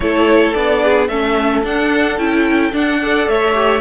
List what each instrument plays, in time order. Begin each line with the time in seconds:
0.00 cello A3, viola E4, violin A4 C#5
0.53 cello B3, viola D4, violin D5
0.83 violin G#4
1.07 cello A3, viola C#4, violin A4 E5
1.63 cello D4, viola D4, violin F#5
2.18 cello C#4, viola E4, violin G5
2.72 viola D4, cello D4, violin F#5
3.01 viola A4, violin D5
3.27 cello A3, violin C#5 E5
3.54 viola G4